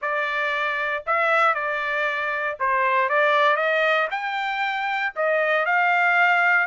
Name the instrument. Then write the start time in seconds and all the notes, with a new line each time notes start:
trumpet
0.01 D5
1.06 E5
1.54 D5
2.59 C5
3.09 D5
3.56 D#5
4.10 G5
5.15 D#5
5.65 F5